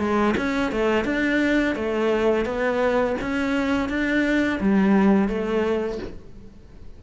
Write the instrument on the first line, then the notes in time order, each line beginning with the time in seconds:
cello
0.00 G#3
0.38 C#4
0.72 A3
1.05 D4
1.76 A3
2.46 B3
3.21 C#4
3.89 D4
4.61 G3
5.28 A3